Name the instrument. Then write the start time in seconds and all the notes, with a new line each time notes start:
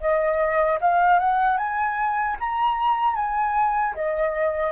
flute
0.00 D#5
0.80 F5
1.19 F#5
1.58 G#5
2.40 A#5
3.15 G#5
3.95 D#5